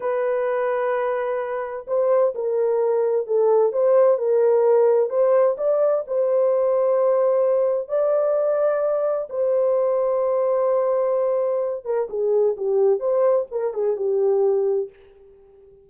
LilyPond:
\new Staff \with { instrumentName = "horn" } { \time 4/4 \tempo 4 = 129 b'1 | c''4 ais'2 a'4 | c''4 ais'2 c''4 | d''4 c''2.~ |
c''4 d''2. | c''1~ | c''4. ais'8 gis'4 g'4 | c''4 ais'8 gis'8 g'2 | }